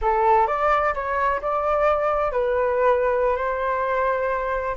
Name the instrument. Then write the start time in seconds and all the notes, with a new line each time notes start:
flute
0.01 A4
0.47 D5
0.94 C#5
1.41 D5
2.32 B4
3.36 C5